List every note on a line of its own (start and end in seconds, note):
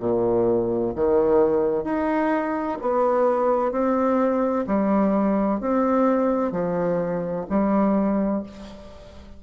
0.00 0.94 A#2
0.96 1.85 D#3
1.85 2.78 D#4
2.82 3.72 B3
3.72 4.66 C4
4.67 5.61 G3
5.61 6.52 C4
6.52 7.46 F3
7.50 8.44 G3